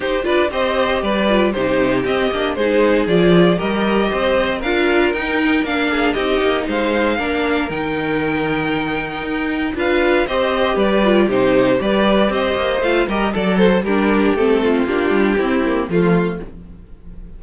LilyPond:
<<
  \new Staff \with { instrumentName = "violin" } { \time 4/4 \tempo 4 = 117 c''8 d''8 dis''4 d''4 c''4 | dis''4 c''4 d''4 dis''4~ | dis''4 f''4 g''4 f''4 | dis''4 f''2 g''4~ |
g''2. f''4 | dis''4 d''4 c''4 d''4 | dis''4 f''8 dis''8 d''8 c''8 ais'4 | a'4 g'2 f'4 | }
  \new Staff \with { instrumentName = "violin" } { \time 4/4 g'8 b'8 c''4 b'4 g'4~ | g'4 gis'2 ais'4 | c''4 ais'2~ ais'8 gis'8 | g'4 c''4 ais'2~ |
ais'2. b'4 | c''4 b'4 g'4 b'4 | c''4. ais'8 a'4 g'4~ | g'8 f'4. e'4 f'4 | }
  \new Staff \with { instrumentName = "viola" } { \time 4/4 dis'8 f'8 g'4. f'8 dis'4 | c'8 d'8 dis'4 f'4 g'4~ | g'4 f'4 dis'4 d'4 | dis'2 d'4 dis'4~ |
dis'2. f'4 | g'4. f'8 dis'4 g'4~ | g'4 f'8 g'8 a'4 d'4 | c'4 d'4 c'8 ais8 a4 | }
  \new Staff \with { instrumentName = "cello" } { \time 4/4 dis'8 d'8 c'4 g4 c4 | c'8 ais8 gis4 f4 g4 | c'4 d'4 dis'4 ais4 | c'8 ais8 gis4 ais4 dis4~ |
dis2 dis'4 d'4 | c'4 g4 c4 g4 | c'8 ais8 a8 g8 fis4 g4 | a4 ais8 g8 c'4 f4 | }
>>